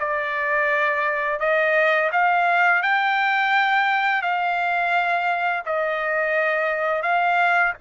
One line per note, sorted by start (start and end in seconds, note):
0.00 1.40 D5
1.40 2.10 D#5
2.12 2.83 F5
2.83 4.22 G5
4.22 5.63 F5
5.66 7.03 D#5
7.03 7.74 F5